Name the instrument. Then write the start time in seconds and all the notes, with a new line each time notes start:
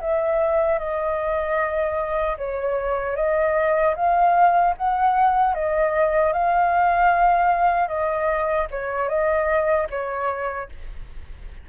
flute
0.00 E5
0.79 D#5
2.38 C#5
3.16 D#5
3.95 F5
4.77 F#5
5.54 D#5
6.32 F5
7.88 D#5
8.71 C#5
9.09 D#5
9.90 C#5